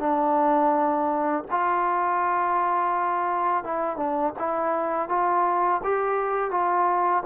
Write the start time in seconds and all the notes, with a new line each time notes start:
0.00 D4
1.51 F4
3.64 E4
3.97 D4
4.39 E4
5.09 F4
5.84 G4
6.52 F4